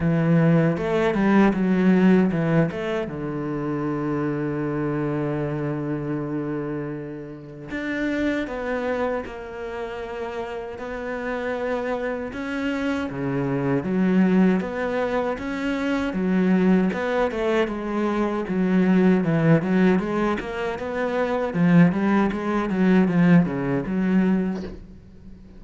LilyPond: \new Staff \with { instrumentName = "cello" } { \time 4/4 \tempo 4 = 78 e4 a8 g8 fis4 e8 a8 | d1~ | d2 d'4 b4 | ais2 b2 |
cis'4 cis4 fis4 b4 | cis'4 fis4 b8 a8 gis4 | fis4 e8 fis8 gis8 ais8 b4 | f8 g8 gis8 fis8 f8 cis8 fis4 | }